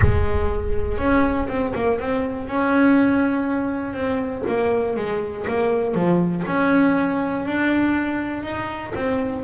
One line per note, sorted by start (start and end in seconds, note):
0.01 0.97 G#3
0.97 1.47 C#4
1.48 1.73 C4
1.75 1.99 A#3
1.99 2.47 C4
2.47 3.93 C#4
3.93 4.43 C4
4.47 4.96 A#3
4.96 5.46 G#3
5.47 5.94 A#3
5.94 6.44 F3
6.46 7.45 C#4
7.45 8.43 D4
8.43 8.93 D#4
8.94 9.44 C4